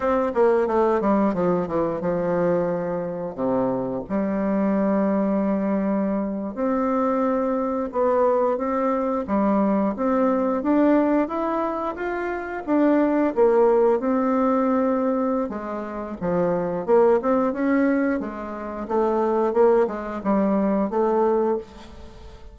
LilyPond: \new Staff \with { instrumentName = "bassoon" } { \time 4/4 \tempo 4 = 89 c'8 ais8 a8 g8 f8 e8 f4~ | f4 c4 g2~ | g4.~ g16 c'2 b16~ | b8. c'4 g4 c'4 d'16~ |
d'8. e'4 f'4 d'4 ais16~ | ais8. c'2~ c'16 gis4 | f4 ais8 c'8 cis'4 gis4 | a4 ais8 gis8 g4 a4 | }